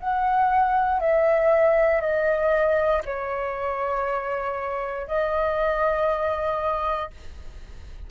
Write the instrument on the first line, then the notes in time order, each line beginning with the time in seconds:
flute
0.00 F#5
1.00 E5
2.01 D#5
3.06 C#5
5.08 D#5